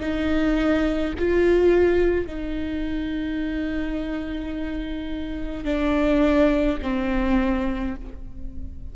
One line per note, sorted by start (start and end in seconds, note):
0.00 1.13 D#4
1.18 2.26 F4
2.26 5.64 D#4
5.64 6.78 D4
6.82 7.95 C4